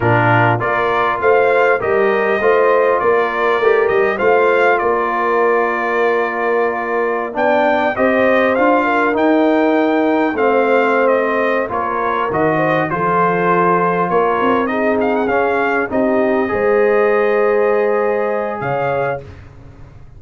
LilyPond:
<<
  \new Staff \with { instrumentName = "trumpet" } { \time 4/4 \tempo 4 = 100 ais'4 d''4 f''4 dis''4~ | dis''4 d''4. dis''8 f''4 | d''1~ | d''16 g''4 dis''4 f''4 g''8.~ |
g''4~ g''16 f''4~ f''16 dis''4 cis''8~ | cis''8 dis''4 c''2 cis''8~ | cis''8 dis''8 f''16 fis''16 f''4 dis''4.~ | dis''2. f''4 | }
  \new Staff \with { instrumentName = "horn" } { \time 4/4 f'4 ais'4 c''4 ais'4 | c''4 ais'2 c''4 | ais'1~ | ais'16 d''4 c''4. ais'4~ ais'16~ |
ais'4~ ais'16 c''2~ c''16 ais'8~ | ais'4 c''8 a'2 ais'8~ | ais'8 gis'2 g'4 c''8~ | c''2. cis''4 | }
  \new Staff \with { instrumentName = "trombone" } { \time 4/4 d'4 f'2 g'4 | f'2 g'4 f'4~ | f'1~ | f'16 d'4 g'4 f'4 dis'8.~ |
dis'4~ dis'16 c'2~ c'16 f'8~ | f'8 fis'4 f'2~ f'8~ | f'8 dis'4 cis'4 dis'4 gis'8~ | gis'1 | }
  \new Staff \with { instrumentName = "tuba" } { \time 4/4 ais,4 ais4 a4 g4 | a4 ais4 a8 g8 a4 | ais1~ | ais16 b4 c'4 d'4 dis'8.~ |
dis'4~ dis'16 a2~ a16 ais8~ | ais8 dis4 f2 ais8 | c'4. cis'4 c'4 gis8~ | gis2. cis4 | }
>>